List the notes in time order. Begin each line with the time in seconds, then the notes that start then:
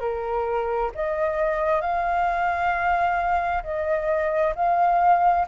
0.00 A#4
0.95 D#5
1.81 F5
3.63 D#5
4.55 F5